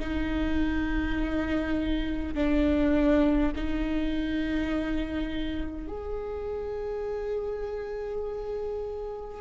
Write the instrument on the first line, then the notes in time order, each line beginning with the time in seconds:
viola
0.00 D#4
2.35 D4
3.56 D#4
5.88 G#4